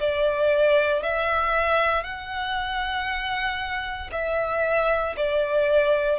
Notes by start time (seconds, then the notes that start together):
0.00 D5
1.03 E5
2.03 F#5
4.12 E5
5.17 D5